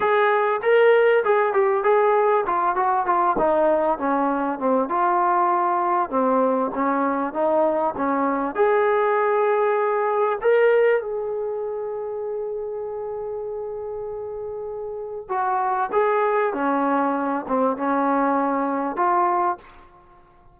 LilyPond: \new Staff \with { instrumentName = "trombone" } { \time 4/4 \tempo 4 = 98 gis'4 ais'4 gis'8 g'8 gis'4 | f'8 fis'8 f'8 dis'4 cis'4 c'8 | f'2 c'4 cis'4 | dis'4 cis'4 gis'2~ |
gis'4 ais'4 gis'2~ | gis'1~ | gis'4 fis'4 gis'4 cis'4~ | cis'8 c'8 cis'2 f'4 | }